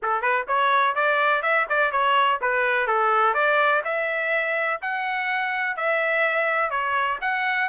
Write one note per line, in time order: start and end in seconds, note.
0.02 0.21 A4
0.21 0.45 B4
0.47 0.95 C#5
0.95 1.42 D5
1.42 1.66 E5
1.69 1.91 D5
1.91 2.39 C#5
2.41 2.87 B4
2.87 3.34 A4
3.34 3.82 D5
3.84 4.80 E5
4.81 5.76 F#5
5.76 6.70 E5
6.70 7.18 C#5
7.21 7.69 F#5